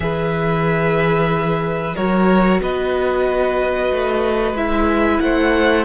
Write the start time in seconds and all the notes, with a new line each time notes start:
0.00 E3 G#4 B4 E5
1.95 F#3 F#4 A#4 C#5
2.60 B3 B4 D#5
3.91 A3
4.53 G#3 E4 E5
5.19 A3 C5 F#5